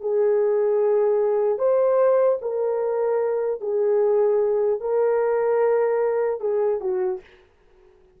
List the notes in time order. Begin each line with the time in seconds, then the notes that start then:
0.00 G#4
1.58 C5
2.41 A#4
3.60 G#4
4.80 A#4
6.40 G#4
6.80 F#4